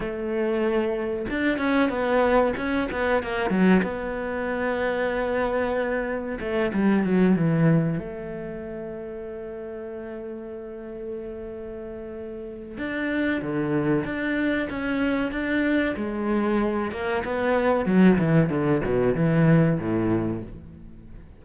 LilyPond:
\new Staff \with { instrumentName = "cello" } { \time 4/4 \tempo 4 = 94 a2 d'8 cis'8 b4 | cis'8 b8 ais8 fis8 b2~ | b2 a8 g8 fis8 e8~ | e8 a2.~ a8~ |
a1 | d'4 d4 d'4 cis'4 | d'4 gis4. ais8 b4 | fis8 e8 d8 b,8 e4 a,4 | }